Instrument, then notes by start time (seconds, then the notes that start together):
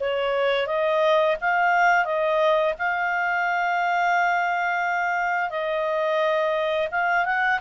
clarinet
0.00 C#5
0.67 D#5
1.41 F5
2.05 D#5
2.78 F5
5.50 D#5
6.91 F5
7.25 F#5